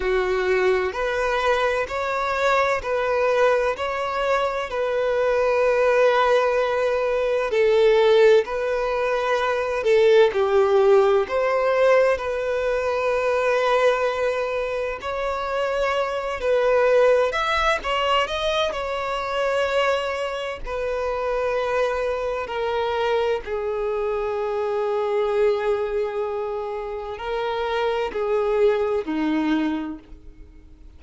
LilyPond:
\new Staff \with { instrumentName = "violin" } { \time 4/4 \tempo 4 = 64 fis'4 b'4 cis''4 b'4 | cis''4 b'2. | a'4 b'4. a'8 g'4 | c''4 b'2. |
cis''4. b'4 e''8 cis''8 dis''8 | cis''2 b'2 | ais'4 gis'2.~ | gis'4 ais'4 gis'4 dis'4 | }